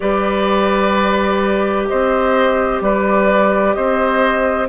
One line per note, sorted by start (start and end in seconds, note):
0.00 1.89 G3
0.00 4.68 G4
0.00 1.88 B4
0.00 1.84 D5
1.87 2.81 C4
1.87 2.83 C5
1.87 2.81 D#5
2.81 3.75 G3
2.81 3.76 B4
2.81 3.73 D5
3.73 4.68 C4
3.73 4.68 C5
3.73 4.67 D#5